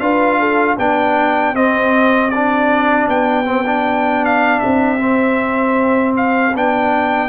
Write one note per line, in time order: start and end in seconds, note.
0.00 0.77 D4
0.00 0.78 F4
0.00 0.40 B4
0.00 0.77 F5
0.40 0.78 A4
0.78 1.53 B3
0.78 1.55 D4
0.78 7.29 G4
0.78 1.56 G5
1.53 3.07 C4
1.53 2.32 C4
1.53 2.30 D#5
2.30 3.45 D4
2.30 3.07 D5
3.08 4.62 B3
3.08 4.25 G5
3.45 3.64 C4
3.66 4.99 D4
4.25 4.59 F5
4.59 6.55 C4
4.59 6.13 E5
4.99 6.53 C4
6.17 6.55 F5
6.55 7.29 B3
6.55 7.29 D4
6.55 7.29 G5